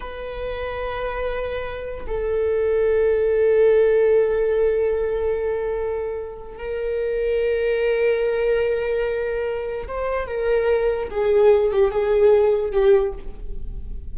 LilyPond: \new Staff \with { instrumentName = "viola" } { \time 4/4 \tempo 4 = 146 b'1~ | b'4 a'2.~ | a'1~ | a'1 |
ais'1~ | ais'1 | c''4 ais'2 gis'4~ | gis'8 g'8 gis'2 g'4 | }